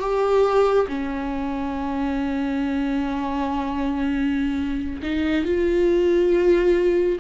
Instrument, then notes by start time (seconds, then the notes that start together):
viola
0.00 G4
0.88 C#4
5.02 D#4
5.45 F4